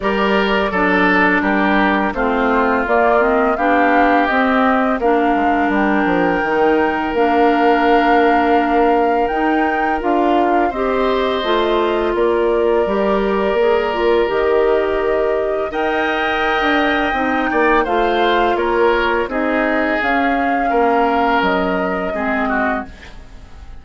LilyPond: <<
  \new Staff \with { instrumentName = "flute" } { \time 4/4 \tempo 4 = 84 d''2 ais'4 c''4 | d''8 dis''8 f''4 dis''4 f''4 | g''2 f''2~ | f''4 g''4 f''4 dis''4~ |
dis''4 d''2. | dis''2 g''2~ | g''4 f''4 cis''4 dis''4 | f''2 dis''2 | }
  \new Staff \with { instrumentName = "oboe" } { \time 4/4 ais'4 a'4 g'4 f'4~ | f'4 g'2 ais'4~ | ais'1~ | ais'2. c''4~ |
c''4 ais'2.~ | ais'2 dis''2~ | dis''8 d''8 c''4 ais'4 gis'4~ | gis'4 ais'2 gis'8 fis'8 | }
  \new Staff \with { instrumentName = "clarinet" } { \time 4/4 g'4 d'2 c'4 | ais8 c'8 d'4 c'4 d'4~ | d'4 dis'4 d'2~ | d'4 dis'4 f'4 g'4 |
f'2 g'4 gis'8 f'8 | g'2 ais'2 | dis'4 f'2 dis'4 | cis'2. c'4 | }
  \new Staff \with { instrumentName = "bassoon" } { \time 4/4 g4 fis4 g4 a4 | ais4 b4 c'4 ais8 gis8 | g8 f8 dis4 ais2~ | ais4 dis'4 d'4 c'4 |
a4 ais4 g4 ais4 | dis2 dis'4~ dis'16 d'8. | c'8 ais8 a4 ais4 c'4 | cis'4 ais4 fis4 gis4 | }
>>